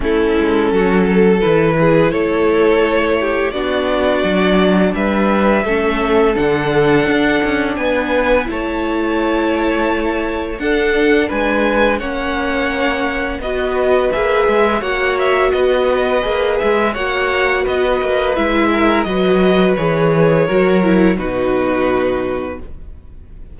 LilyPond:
<<
  \new Staff \with { instrumentName = "violin" } { \time 4/4 \tempo 4 = 85 a'2 b'4 cis''4~ | cis''4 d''2 e''4~ | e''4 fis''2 gis''4 | a''2. fis''4 |
gis''4 fis''2 dis''4 | e''4 fis''8 e''8 dis''4. e''8 | fis''4 dis''4 e''4 dis''4 | cis''2 b'2 | }
  \new Staff \with { instrumentName = "violin" } { \time 4/4 e'4 fis'8 a'4 gis'8 a'4~ | a'8 g'8 fis'2 b'4 | a'2. b'4 | cis''2. a'4 |
b'4 cis''2 b'4~ | b'4 cis''4 b'2 | cis''4 b'4. ais'8 b'4~ | b'4 ais'4 fis'2 | }
  \new Staff \with { instrumentName = "viola" } { \time 4/4 cis'2 e'2~ | e'4 d'2. | cis'4 d'2. | e'2. d'4~ |
d'4 cis'2 fis'4 | gis'4 fis'2 gis'4 | fis'2 e'4 fis'4 | gis'4 fis'8 e'8 dis'2 | }
  \new Staff \with { instrumentName = "cello" } { \time 4/4 a8 gis8 fis4 e4 a4~ | a4 b4 fis4 g4 | a4 d4 d'8 cis'8 b4 | a2. d'4 |
gis4 ais2 b4 | ais8 gis8 ais4 b4 ais8 gis8 | ais4 b8 ais8 gis4 fis4 | e4 fis4 b,2 | }
>>